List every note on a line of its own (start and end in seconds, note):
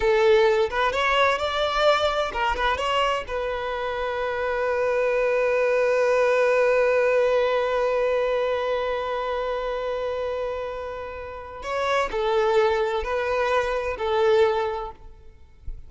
0.00 0.69 A4
0.70 0.92 B4
0.92 1.38 C#5
1.38 2.31 D5
2.33 2.56 A#4
2.56 2.77 B4
2.77 3.24 C#5
3.27 11.63 B4
11.63 12.09 C#5
12.11 13.03 A4
13.03 13.96 B4
13.98 14.91 A4